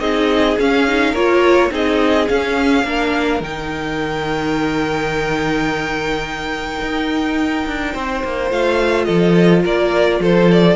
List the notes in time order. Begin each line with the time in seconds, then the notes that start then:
0.00 C4 D#4 G#4 D#5
0.59 C#4 F5
0.88 D#4
1.11 A#3 F4 A#4 C#5
1.71 C4 D#4 G#4 D#5
2.29 C#4 F5
2.84 A#3 D4 A#4
3.41 D#3 D#4 G5
6.81 D#4
7.67 D4
7.93 C4 C5
8.24 A#3
8.50 A3 F4 F5
9.04 F3 A4 D#5
9.63 A#3 A#4 D5
10.20 F3 A4 C5
10.52 D5